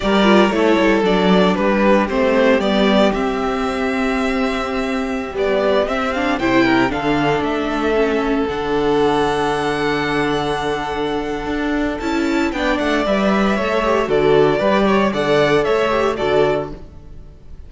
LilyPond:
<<
  \new Staff \with { instrumentName = "violin" } { \time 4/4 \tempo 4 = 115 d''4 cis''4 d''4 b'4 | c''4 d''4 e''2~ | e''2~ e''16 d''4 e''8 f''16~ | f''16 g''4 f''4 e''4.~ e''16~ |
e''16 fis''2.~ fis''8.~ | fis''2. a''4 | g''8 fis''8 e''2 d''4~ | d''4 fis''4 e''4 d''4 | }
  \new Staff \with { instrumentName = "violin" } { \time 4/4 ais'4 a'2 g'4~ | g'1~ | g'1~ | g'16 c''8 ais'8 a'2~ a'8.~ |
a'1~ | a'1 | d''2 cis''4 a'4 | b'8 cis''8 d''4 cis''4 a'4 | }
  \new Staff \with { instrumentName = "viola" } { \time 4/4 g'8 f'8 e'4 d'2 | c'4 b4 c'2~ | c'2~ c'16 g4 c'8 d'16~ | d'16 e'4 d'2 cis'8.~ |
cis'16 d'2.~ d'8.~ | d'2. e'4 | d'4 b'4 a'8 g'8 fis'4 | g'4 a'4. g'8 fis'4 | }
  \new Staff \with { instrumentName = "cello" } { \time 4/4 g4 a8 g8 fis4 g4 | a4 g4 c'2~ | c'2~ c'16 b4 c'8.~ | c'16 c4 d4 a4.~ a16~ |
a16 d2.~ d8.~ | d2 d'4 cis'4 | b8 a8 g4 a4 d4 | g4 d4 a4 d4 | }
>>